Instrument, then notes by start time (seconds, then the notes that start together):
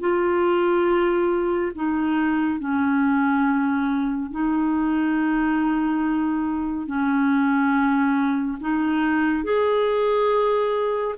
clarinet
0.00 F4
1.75 D#4
2.59 C#4
4.31 D#4
6.86 C#4
8.60 D#4
9.43 G#4